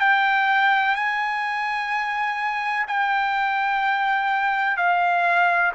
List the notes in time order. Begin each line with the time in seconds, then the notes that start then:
0.00 G5
0.95 G#5
2.87 G5
4.77 F5